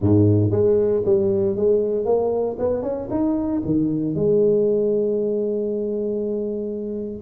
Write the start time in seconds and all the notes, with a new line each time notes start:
0.00 G#2
0.50 G#3
1.05 G3
1.56 G#3
2.05 A#3
2.59 B3
2.82 C#4
3.10 D#4
3.65 D#3
4.15 G#3